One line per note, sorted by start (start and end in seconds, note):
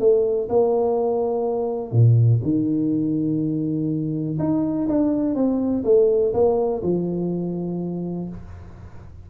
0.00 0.49 A3
0.50 1.92 A#3
1.92 2.41 A#2
2.43 4.39 D#3
4.40 4.88 D#4
4.89 5.35 D4
5.35 5.84 C4
5.85 6.33 A3
6.34 6.82 A#3
6.83 8.29 F3